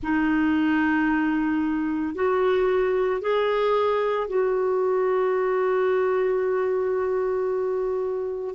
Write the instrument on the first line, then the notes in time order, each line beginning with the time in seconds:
clarinet
0.02 D#4
2.14 F#4
3.21 G#4
4.27 F#4